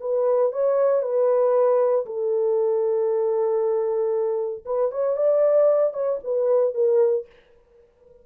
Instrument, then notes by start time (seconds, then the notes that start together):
horn
0.00 B4
0.52 C#5
1.02 B4
2.05 A4
4.65 B4
4.91 C#5
5.16 D5
5.93 C#5
6.23 B4
6.74 A#4